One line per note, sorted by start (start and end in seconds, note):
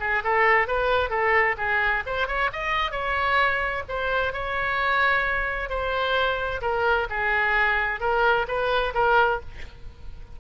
0.00 0.23 G#4
0.24 0.67 A4
0.67 1.10 B4
1.10 1.56 A4
1.57 2.03 G#4
2.06 2.27 C5
2.27 2.50 C#5
2.53 2.91 D#5
2.91 3.83 C#5
3.89 4.33 C5
4.33 5.69 C#5
5.69 6.61 C5
6.62 7.07 A#4
7.10 8.00 G#4
8.00 8.46 A#4
8.48 8.94 B4
8.94 9.40 A#4